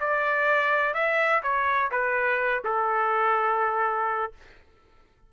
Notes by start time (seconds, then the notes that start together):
0.00 D5
0.94 E5
1.43 C#5
1.91 B4
2.64 A4